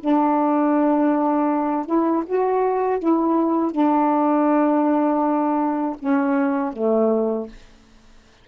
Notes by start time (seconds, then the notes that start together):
0.00 D4
1.86 E4
2.26 F#4
3.00 E4
3.72 D4
5.99 C#4
6.73 A3